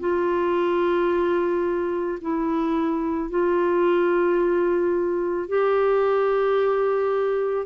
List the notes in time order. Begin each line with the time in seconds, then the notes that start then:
0.00 F4
2.21 E4
3.30 F4
5.48 G4